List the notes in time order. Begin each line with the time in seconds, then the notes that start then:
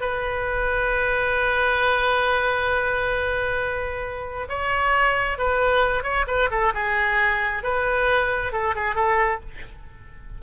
0.00 B4
4.48 C#5
5.38 B4
6.03 C#5
6.27 B4
6.51 A4
6.74 G#4
7.63 B4
8.52 A4
8.75 G#4
8.95 A4